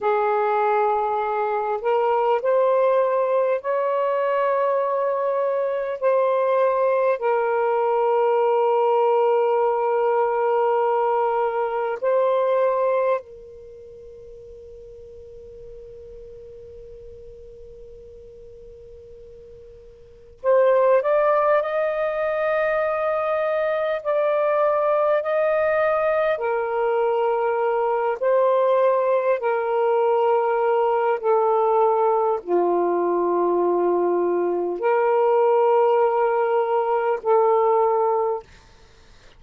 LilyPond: \new Staff \with { instrumentName = "saxophone" } { \time 4/4 \tempo 4 = 50 gis'4. ais'8 c''4 cis''4~ | cis''4 c''4 ais'2~ | ais'2 c''4 ais'4~ | ais'1~ |
ais'4 c''8 d''8 dis''2 | d''4 dis''4 ais'4. c''8~ | c''8 ais'4. a'4 f'4~ | f'4 ais'2 a'4 | }